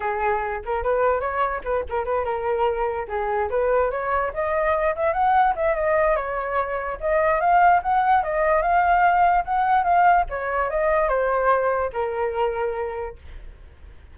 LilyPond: \new Staff \with { instrumentName = "flute" } { \time 4/4 \tempo 4 = 146 gis'4. ais'8 b'4 cis''4 | b'8 ais'8 b'8 ais'2 gis'8~ | gis'8 b'4 cis''4 dis''4. | e''8 fis''4 e''8 dis''4 cis''4~ |
cis''4 dis''4 f''4 fis''4 | dis''4 f''2 fis''4 | f''4 cis''4 dis''4 c''4~ | c''4 ais'2. | }